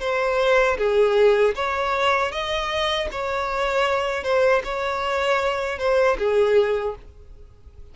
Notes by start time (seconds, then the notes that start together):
0.00 C5
0.78 G#4
1.55 C#5
2.31 D#5
3.12 C#5
4.23 C5
4.64 C#5
5.78 C5
6.18 G#4